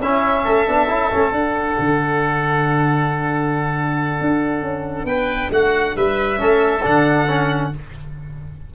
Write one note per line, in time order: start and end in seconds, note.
0.00 0.44 C#4
0.00 0.68 C#4
0.00 0.44 E4
0.00 1.33 E5
0.44 0.68 A3
0.44 5.07 A4
0.68 0.90 B3
0.68 0.89 D4
0.89 1.12 C#4
0.89 1.11 E4
1.11 1.32 A3
1.11 1.33 C#4
1.32 1.76 D4
1.32 6.38 D4
1.32 5.06 F#5
1.80 4.21 D3
4.21 4.63 D4
4.63 5.05 C#4
5.05 5.49 B3
5.05 5.52 B4
5.05 5.50 G5
5.50 5.95 A3
5.50 5.97 F#4
5.50 5.97 F#5
5.97 6.41 G3
5.97 6.41 B4
5.97 6.85 E5
6.38 6.85 A3
6.38 6.82 C#4
6.38 7.73 A4
6.83 7.74 D3
6.83 7.28 D4
6.83 7.75 F#5
7.29 7.73 C#4